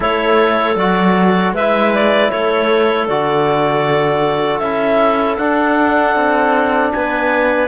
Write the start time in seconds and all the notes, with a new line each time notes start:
0.00 A3 E4 A4 C#5
0.75 F#3 F#4 D5
1.51 G#3 B4 E5
1.59 E4
1.94 D5
2.30 A3 A4 C#5
3.08 D3 F#4 D5
4.59 C#4 E4 E5
5.37 D4 F#5
6.15 C4
6.92 B3 B4 G#5